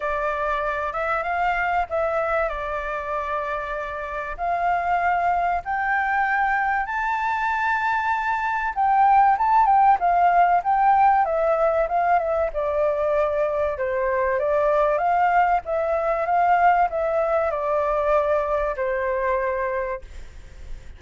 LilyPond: \new Staff \with { instrumentName = "flute" } { \time 4/4 \tempo 4 = 96 d''4. e''8 f''4 e''4 | d''2. f''4~ | f''4 g''2 a''4~ | a''2 g''4 a''8 g''8 |
f''4 g''4 e''4 f''8 e''8 | d''2 c''4 d''4 | f''4 e''4 f''4 e''4 | d''2 c''2 | }